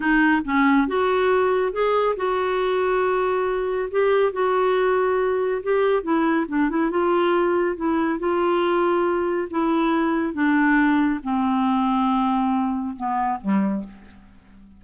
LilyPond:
\new Staff \with { instrumentName = "clarinet" } { \time 4/4 \tempo 4 = 139 dis'4 cis'4 fis'2 | gis'4 fis'2.~ | fis'4 g'4 fis'2~ | fis'4 g'4 e'4 d'8 e'8 |
f'2 e'4 f'4~ | f'2 e'2 | d'2 c'2~ | c'2 b4 g4 | }